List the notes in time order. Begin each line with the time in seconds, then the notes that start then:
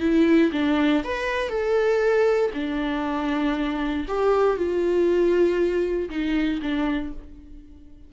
0.00 E4
0.52 D4
1.04 B4
1.49 A4
2.53 D4
4.08 G4
4.56 F4
6.09 D#4
6.62 D4